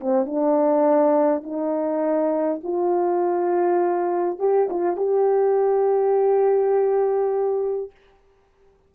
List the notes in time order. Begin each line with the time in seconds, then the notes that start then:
0.00 C4
0.26 D4
1.43 D#4
2.63 F4
4.39 G4
4.70 F4
4.97 G4